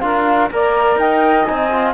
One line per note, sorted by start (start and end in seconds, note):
0.00 0.50 D4
0.00 0.49 F4
0.00 0.51 A#4
0.00 0.48 F5
0.51 0.96 A#3
0.51 1.46 A#4
0.51 1.00 D5
0.51 1.00 A#5
0.96 1.44 D#4
0.96 1.94 D#5
0.96 1.45 G5
1.45 1.94 C4
1.45 1.70 D#4
1.45 1.93 G#5
1.71 1.94 F4